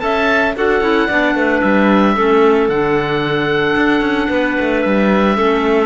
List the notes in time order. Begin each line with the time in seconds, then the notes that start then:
0.00 C#4 A4 E5 A5
0.56 D4 F#4 A4 F#5
0.81 C#4 E4
1.08 B3 D4 D5
1.35 A3 B4
1.62 G3 E5
2.16 A3 C#4 A4
2.69 D3 D4 F#5
3.77 D4
4.01 C#4
4.30 B3 B4
4.60 A3
4.82 G3 E5
5.36 A3 C#4 A4